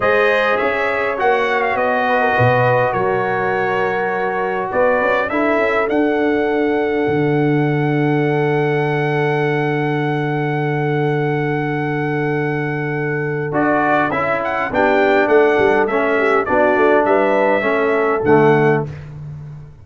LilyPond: <<
  \new Staff \with { instrumentName = "trumpet" } { \time 4/4 \tempo 4 = 102 dis''4 e''4 fis''8. f''16 dis''4~ | dis''4 cis''2. | d''4 e''4 fis''2~ | fis''1~ |
fis''1~ | fis''2. d''4 | e''8 fis''8 g''4 fis''4 e''4 | d''4 e''2 fis''4 | }
  \new Staff \with { instrumentName = "horn" } { \time 4/4 c''4 cis''2~ cis''8 b'16 ais'16 | b'4 ais'2. | b'4 a'2.~ | a'1~ |
a'1~ | a'1~ | a'4 g'4 a'4. g'8 | fis'4 b'4 a'2 | }
  \new Staff \with { instrumentName = "trombone" } { \time 4/4 gis'2 fis'2~ | fis'1~ | fis'4 e'4 d'2~ | d'1~ |
d'1~ | d'2. fis'4 | e'4 d'2 cis'4 | d'2 cis'4 a4 | }
  \new Staff \with { instrumentName = "tuba" } { \time 4/4 gis4 cis'4 ais4 b4 | b,4 fis2. | b8 cis'8 d'8 cis'8 d'2 | d1~ |
d1~ | d2. d'4 | cis'4 b4 a8 g8 a4 | b8 a8 g4 a4 d4 | }
>>